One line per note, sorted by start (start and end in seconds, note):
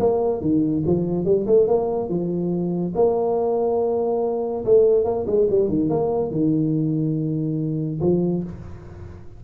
0.00 0.41 A#3
0.41 0.83 D#3
0.86 1.25 F3
1.25 1.46 G3
1.47 1.67 A3
1.67 2.09 A#3
2.09 2.94 F3
2.96 4.65 A#3
4.65 5.05 A3
5.05 5.26 A#3
5.27 5.48 G#3
5.50 5.69 G3
5.69 5.90 D#3
5.90 6.31 A#3
6.31 8.00 D#3
8.01 8.44 F3